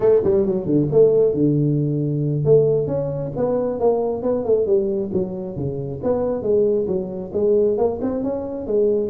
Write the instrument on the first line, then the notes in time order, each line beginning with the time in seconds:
tuba
0.00 A3
0.24 G3
0.45 F#3
0.65 D3
0.91 A3
1.33 D3
2.44 A3
2.87 C#4
3.36 B3
3.79 A#3
4.22 B3
4.44 A3
4.66 G3
5.13 F#3
5.56 C#3
6.03 B3
6.42 G#3
6.87 F#3
7.33 G#3
7.77 A#3
8.01 C4
8.23 C#4
8.67 G#3